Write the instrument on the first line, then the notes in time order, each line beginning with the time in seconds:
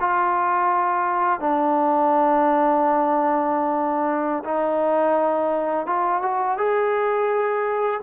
trombone
0.00 F4
1.40 D4
4.44 D#4
5.86 F4
6.22 F#4
6.57 G#4